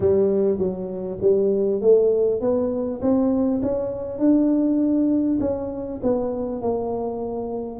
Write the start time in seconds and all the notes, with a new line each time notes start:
0.00 G3
0.58 F#3
1.21 G3
1.81 A3
2.40 B3
3.01 C4
3.62 C#4
4.18 D4
5.40 C#4
6.02 B3
6.61 A#3